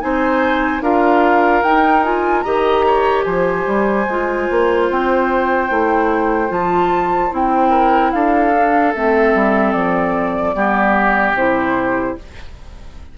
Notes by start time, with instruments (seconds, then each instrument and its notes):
0.00 bassoon C4, clarinet D#4, oboe C5, flute G#5
0.81 bassoon D4, clarinet F4, oboe A#4, flute F5
1.63 bassoon D#4, clarinet D#4, flute G5
2.04 clarinet F4, flute G#5
2.41 bassoon D#3, clarinet G4, oboe D#5, flute A#5
2.86 oboe C#5
3.23 bassoon F3, oboe C5, flute G#5
3.67 bassoon G3
4.07 bassoon G#3, clarinet F4
4.50 bassoon A#3
4.90 bassoon C4, flute G5
5.69 bassoon A3, clarinet E4
6.48 bassoon F3, clarinet F4, flute A5
7.30 bassoon C4, clarinet E4, flute G5
7.69 oboe A#4
8.12 bassoon D4, oboe A4, flute F5
8.53 clarinet D4
8.94 bassoon A3, clarinet C4, flute E5
9.34 bassoon G3
9.72 bassoon F3, flute D5
10.54 bassoon G3, clarinet B3, oboe G4
11.33 bassoon C3, clarinet E4, flute C5